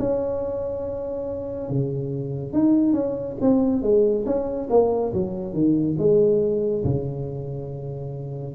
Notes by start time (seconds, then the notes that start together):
0.00 C#4
1.70 C#3
2.54 D#4
2.94 C#4
3.41 C4
3.83 G#3
4.26 C#4
4.70 A#3
5.14 F#3
5.54 D#3
5.99 G#3
6.85 C#3